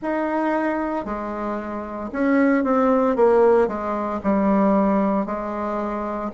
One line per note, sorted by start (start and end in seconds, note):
0.01 1.05 D#4
1.05 2.10 G#3
2.12 2.64 C#4
2.64 3.16 C4
3.16 3.67 A#3
3.67 4.20 G#3
4.23 5.26 G3
5.26 6.31 G#3